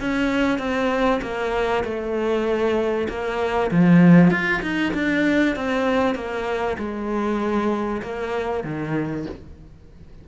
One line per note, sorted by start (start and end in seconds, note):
0.00 0.58 C#4
0.58 1.20 C4
1.22 1.84 A#3
1.84 3.08 A3
3.09 3.71 A#3
3.71 4.30 F3
4.30 4.61 F4
4.62 4.93 D#4
4.94 5.56 D4
5.56 6.15 C4
6.15 6.77 A#3
6.78 8.02 G#3
8.02 8.64 A#3
8.64 9.26 D#3